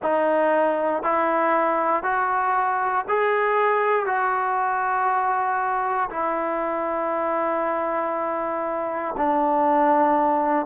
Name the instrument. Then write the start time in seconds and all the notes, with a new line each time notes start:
trombone
0.02 D#4
1.03 E4
2.03 F#4
3.08 G#4
4.05 F#4
6.10 E4
9.17 D4